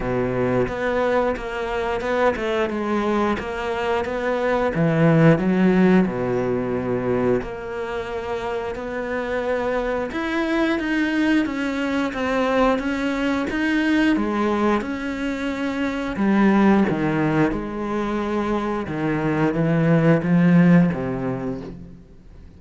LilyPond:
\new Staff \with { instrumentName = "cello" } { \time 4/4 \tempo 4 = 89 b,4 b4 ais4 b8 a8 | gis4 ais4 b4 e4 | fis4 b,2 ais4~ | ais4 b2 e'4 |
dis'4 cis'4 c'4 cis'4 | dis'4 gis4 cis'2 | g4 dis4 gis2 | dis4 e4 f4 c4 | }